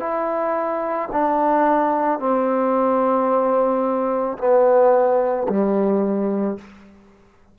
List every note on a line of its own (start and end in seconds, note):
0.00 1.09 E4
1.12 2.20 D4
2.20 4.38 C4
4.38 5.47 B3
5.49 6.58 G3